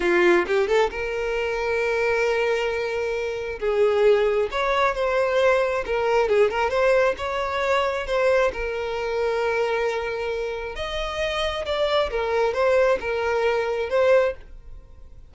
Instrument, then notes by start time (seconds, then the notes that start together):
violin
0.00 F4
0.47 G4
0.67 A4
0.90 A#4
3.59 G#4
4.51 C#5
4.95 C5
5.86 A#4
6.28 G#4
6.50 A#4
6.69 C5
7.17 C#5
8.06 C5
8.52 A#4
10.75 D#5
11.65 D5
12.10 A#4
12.53 C5
13.00 A#4
13.89 C5